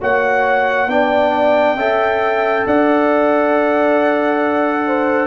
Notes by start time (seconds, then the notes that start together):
0.00 A#3 F#4 C#5 F#5
0.87 B3 D4 D5 G5
1.75 C#4 A4 E5
2.66 D4 D5 F#5
4.86 C5